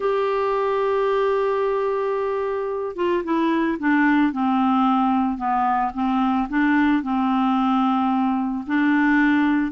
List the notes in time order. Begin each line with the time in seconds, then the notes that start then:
0.00 G4
2.96 F4
3.23 E4
3.79 D4
4.32 C4
5.37 B3
5.94 C4
6.49 D4
7.02 C4
8.66 D4